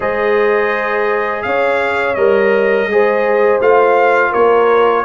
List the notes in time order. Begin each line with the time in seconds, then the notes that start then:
0.00 G#3 G#4 C5 D#5
1.42 C#4 C#5 F5
2.14 G3 A#4 D#5
2.85 G#3
2.91 G#4 C5
3.59 A3 F4 F5
4.30 A#3 A#4 C#5